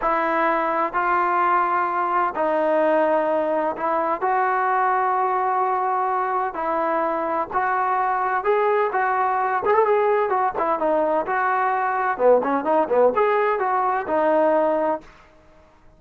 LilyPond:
\new Staff \with { instrumentName = "trombone" } { \time 4/4 \tempo 4 = 128 e'2 f'2~ | f'4 dis'2. | e'4 fis'2.~ | fis'2 e'2 |
fis'2 gis'4 fis'4~ | fis'8 gis'16 a'16 gis'4 fis'8 e'8 dis'4 | fis'2 b8 cis'8 dis'8 b8 | gis'4 fis'4 dis'2 | }